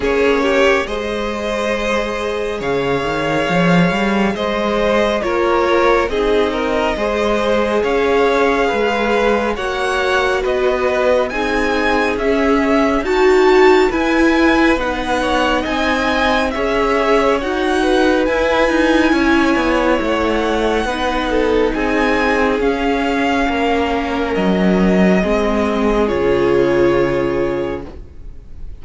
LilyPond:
<<
  \new Staff \with { instrumentName = "violin" } { \time 4/4 \tempo 4 = 69 cis''4 dis''2 f''4~ | f''4 dis''4 cis''4 dis''4~ | dis''4 f''2 fis''4 | dis''4 gis''4 e''4 a''4 |
gis''4 fis''4 gis''4 e''4 | fis''4 gis''2 fis''4~ | fis''4 gis''4 f''2 | dis''2 cis''2 | }
  \new Staff \with { instrumentName = "violin" } { \time 4/4 gis'8 g'8 c''2 cis''4~ | cis''4 c''4 ais'4 gis'8 ais'8 | c''4 cis''4 b'4 cis''4 | b'4 gis'2 fis'4 |
b'4. cis''8 dis''4 cis''4~ | cis''8 b'4. cis''2 | b'8 a'8 gis'2 ais'4~ | ais'4 gis'2. | }
  \new Staff \with { instrumentName = "viola" } { \time 4/4 cis'4 gis'2.~ | gis'2 f'4 dis'4 | gis'2. fis'4~ | fis'4 dis'4 cis'4 fis'4 |
e'4 dis'2 gis'4 | fis'4 e'2. | dis'2 cis'2~ | cis'4 c'4 f'2 | }
  \new Staff \with { instrumentName = "cello" } { \time 4/4 ais4 gis2 cis8 dis8 | f8 g8 gis4 ais4 c'4 | gis4 cis'4 gis4 ais4 | b4 c'4 cis'4 dis'4 |
e'4 b4 c'4 cis'4 | dis'4 e'8 dis'8 cis'8 b8 a4 | b4 c'4 cis'4 ais4 | fis4 gis4 cis2 | }
>>